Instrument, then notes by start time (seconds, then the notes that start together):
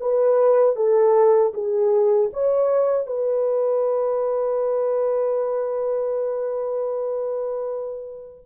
horn
0.00 B4
0.76 A4
1.53 G#4
2.33 C#5
3.06 B4